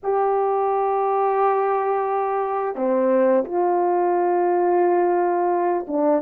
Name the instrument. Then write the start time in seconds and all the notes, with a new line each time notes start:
horn
0.03 G4
2.75 C4
3.45 F4
5.87 D4